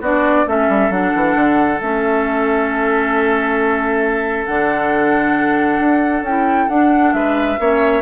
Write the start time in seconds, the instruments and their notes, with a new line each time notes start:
0.00 bassoon B3, clarinet D4, oboe F#4, flute D5
0.46 bassoon A3, clarinet C#4, oboe A4, flute E5
0.68 bassoon G3
0.89 bassoon F#3, clarinet D4, flute F#5
1.15 bassoon E3
1.35 bassoon D3
1.80 bassoon A3, clarinet C#4, flute E5
4.45 bassoon D3, clarinet D4, flute F#5
5.79 bassoon D4
6.22 bassoon C#4, clarinet E4, flute G5
6.68 clarinet D4, bassoon D4, flute F#5
7.13 bassoon G#3, oboe B4, flute E5
7.59 bassoon A#3, clarinet C#4, oboe C#5